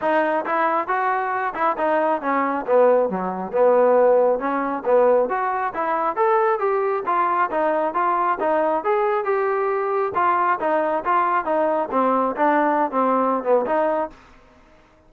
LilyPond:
\new Staff \with { instrumentName = "trombone" } { \time 4/4 \tempo 4 = 136 dis'4 e'4 fis'4. e'8 | dis'4 cis'4 b4 fis4 | b2 cis'4 b4 | fis'4 e'4 a'4 g'4 |
f'4 dis'4 f'4 dis'4 | gis'4 g'2 f'4 | dis'4 f'4 dis'4 c'4 | d'4~ d'16 c'4~ c'16 b8 dis'4 | }